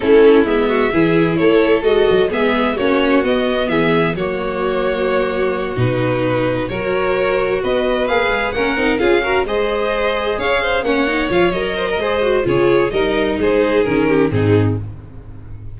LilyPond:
<<
  \new Staff \with { instrumentName = "violin" } { \time 4/4 \tempo 4 = 130 a'4 e''2 cis''4 | dis''4 e''4 cis''4 dis''4 | e''4 cis''2.~ | cis''8 b'2 cis''4.~ |
cis''8 dis''4 f''4 fis''4 f''8~ | f''8 dis''2 f''4 fis''8~ | fis''8 f''8 dis''2 cis''4 | dis''4 c''4 ais'4 gis'4 | }
  \new Staff \with { instrumentName = "violin" } { \time 4/4 e'4. fis'8 gis'4 a'4~ | a'4 gis'4 fis'2 | gis'4 fis'2.~ | fis'2~ fis'8 ais'4.~ |
ais'8 b'2 ais'4 gis'8 | ais'8 c''2 cis''8 c''8 cis''8~ | cis''4. c''16 ais'16 c''4 gis'4 | ais'4 gis'4. g'8 dis'4 | }
  \new Staff \with { instrumentName = "viola" } { \time 4/4 cis'4 b4 e'2 | fis'4 b4 cis'4 b4~ | b4 ais2.~ | ais8 dis'2 fis'4.~ |
fis'4. gis'4 cis'8 dis'8 f'8 | fis'8 gis'2. cis'8 | dis'8 f'8 ais'4 gis'8 fis'8 f'4 | dis'2 cis'4 c'4 | }
  \new Staff \with { instrumentName = "tuba" } { \time 4/4 a4 gis4 e4 a4 | gis8 fis8 gis4 ais4 b4 | e4 fis2.~ | fis8 b,2 fis4.~ |
fis8 b4 ais8 gis8 ais8 c'8 cis'8~ | cis'8 gis2 cis'4 ais8~ | ais8 f8 fis4 gis4 cis4 | g4 gis4 dis4 gis,4 | }
>>